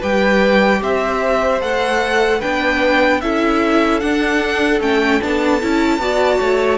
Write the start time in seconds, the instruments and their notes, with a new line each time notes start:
0.00 cello G3, viola G4, violin B4 G5
0.81 cello C4, violin C5 E5
1.60 cello A3, viola A4, violin F#5
2.39 cello B3, viola D4, violin B4 G5
3.21 cello C#4, viola E4, violin A4 E5
4.00 viola D4, cello D4, violin F#5
4.80 cello A3, viola C#4, violin G5
5.20 cello B3, viola D4, violin A5
5.61 cello C#4, viola E4
5.99 cello B3, viola F#4, violin D5
6.40 cello A3, violin C#5